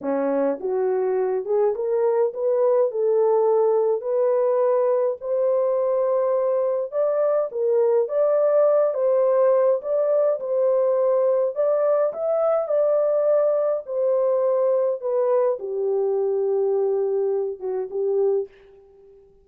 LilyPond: \new Staff \with { instrumentName = "horn" } { \time 4/4 \tempo 4 = 104 cis'4 fis'4. gis'8 ais'4 | b'4 a'2 b'4~ | b'4 c''2. | d''4 ais'4 d''4. c''8~ |
c''4 d''4 c''2 | d''4 e''4 d''2 | c''2 b'4 g'4~ | g'2~ g'8 fis'8 g'4 | }